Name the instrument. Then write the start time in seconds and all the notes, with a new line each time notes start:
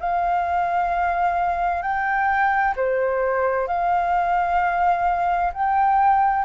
flute
0.00 F5
1.82 G5
2.77 C5
3.67 F5
5.53 G5